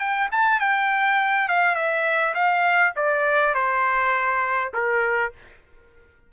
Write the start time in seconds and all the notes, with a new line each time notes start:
0.00 G5
0.32 A5
0.61 G5
1.49 F5
1.76 E5
2.35 F5
2.97 D5
3.55 C5
4.74 A#4